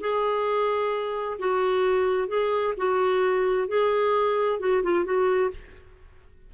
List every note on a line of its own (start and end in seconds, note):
0.00 1.37 G#4
1.39 2.28 F#4
2.28 2.74 G#4
2.77 3.68 F#4
3.68 4.59 G#4
4.59 4.82 F#4
4.83 5.04 F4
5.04 5.50 F#4